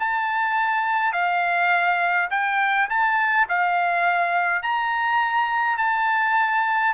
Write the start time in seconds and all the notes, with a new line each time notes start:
0.00 A5
1.13 F5
2.31 G5
2.90 A5
3.49 F5
4.63 A#5
5.78 A5